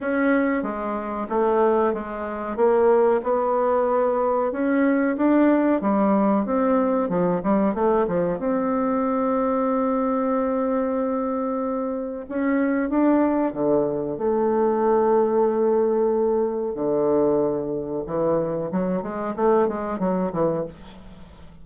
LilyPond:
\new Staff \with { instrumentName = "bassoon" } { \time 4/4 \tempo 4 = 93 cis'4 gis4 a4 gis4 | ais4 b2 cis'4 | d'4 g4 c'4 f8 g8 | a8 f8 c'2.~ |
c'2. cis'4 | d'4 d4 a2~ | a2 d2 | e4 fis8 gis8 a8 gis8 fis8 e8 | }